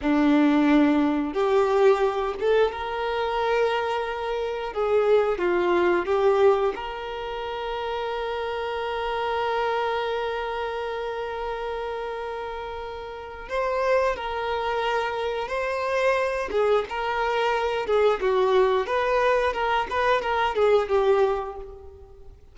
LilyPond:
\new Staff \with { instrumentName = "violin" } { \time 4/4 \tempo 4 = 89 d'2 g'4. a'8 | ais'2. gis'4 | f'4 g'4 ais'2~ | ais'1~ |
ais'1 | c''4 ais'2 c''4~ | c''8 gis'8 ais'4. gis'8 fis'4 | b'4 ais'8 b'8 ais'8 gis'8 g'4 | }